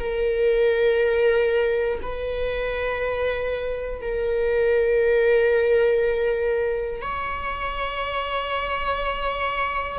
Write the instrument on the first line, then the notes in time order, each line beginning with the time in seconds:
viola
0.00 A#4
2.02 B4
4.02 A#4
7.02 C#5